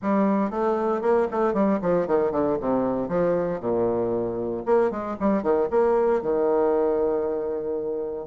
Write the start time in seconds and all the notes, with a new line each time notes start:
0.01 G3
0.50 A3
1.01 A#3
1.31 A3
1.53 G3
1.81 F3
2.07 D#3
2.31 D3
2.60 C3
3.08 F3
3.60 A#2
4.65 A#3
4.90 G#3
5.20 G3
5.42 D#3
5.70 A#3
6.21 D#3